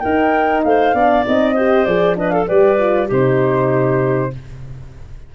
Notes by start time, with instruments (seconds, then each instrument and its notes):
0.00 horn D#4, tuba D#4, clarinet A#4, flute G5
0.64 tuba A3, clarinet C5, flute F5
0.94 tuba B3, horn D4, clarinet D5
1.25 tuba C4, horn D#4, flute D#5
1.55 horn G4, clarinet C5
1.86 tuba F3, horn G#4, flute D5
2.16 horn D4, clarinet B4, flute D#5
2.30 clarinet A4, flute F5
2.48 tuba G3, horn G4, clarinet B4, flute D5
2.79 horn F4
3.08 tuba C3, horn D#4, clarinet G4, flute C5